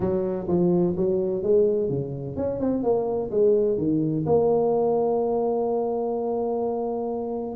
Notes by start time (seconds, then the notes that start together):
0.00 F#3
0.47 F3
0.96 F#3
1.42 G#3
1.89 C#3
2.36 C#4
2.59 C4
2.83 A#3
3.30 G#3
3.77 D#3
4.26 A#3